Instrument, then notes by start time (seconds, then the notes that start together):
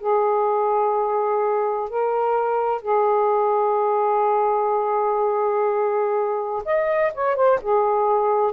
saxophone
0.00 G#4
1.90 A#4
2.82 G#4
6.65 D#5
7.14 C#5
7.36 C5
7.62 G#4